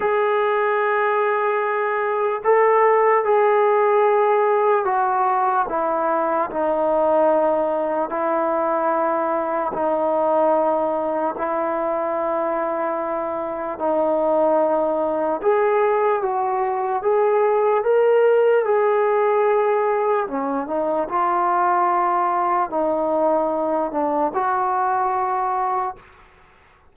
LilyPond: \new Staff \with { instrumentName = "trombone" } { \time 4/4 \tempo 4 = 74 gis'2. a'4 | gis'2 fis'4 e'4 | dis'2 e'2 | dis'2 e'2~ |
e'4 dis'2 gis'4 | fis'4 gis'4 ais'4 gis'4~ | gis'4 cis'8 dis'8 f'2 | dis'4. d'8 fis'2 | }